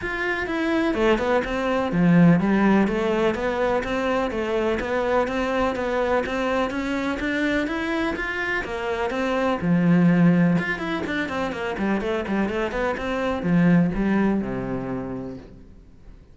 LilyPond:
\new Staff \with { instrumentName = "cello" } { \time 4/4 \tempo 4 = 125 f'4 e'4 a8 b8 c'4 | f4 g4 a4 b4 | c'4 a4 b4 c'4 | b4 c'4 cis'4 d'4 |
e'4 f'4 ais4 c'4 | f2 f'8 e'8 d'8 c'8 | ais8 g8 a8 g8 a8 b8 c'4 | f4 g4 c2 | }